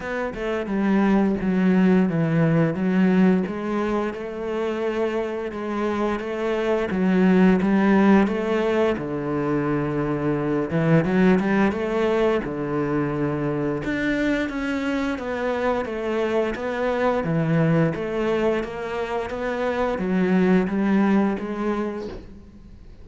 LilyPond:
\new Staff \with { instrumentName = "cello" } { \time 4/4 \tempo 4 = 87 b8 a8 g4 fis4 e4 | fis4 gis4 a2 | gis4 a4 fis4 g4 | a4 d2~ d8 e8 |
fis8 g8 a4 d2 | d'4 cis'4 b4 a4 | b4 e4 a4 ais4 | b4 fis4 g4 gis4 | }